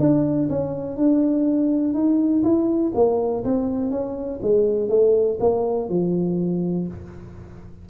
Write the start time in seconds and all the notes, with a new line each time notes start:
0.00 D4
0.50 C#4
0.97 D4
1.94 D#4
2.44 E4
2.95 A#3
3.44 C4
3.91 C#4
4.43 G#3
4.89 A3
5.40 A#3
5.89 F3